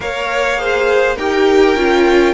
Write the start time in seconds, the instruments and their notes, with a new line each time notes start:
0.00 cello A#3, viola A#4, violin C#5 F5
0.56 viola G#4, violin C5
1.16 cello D#4, viola G4, violin A#4 G5
1.75 cello C#4, viola F4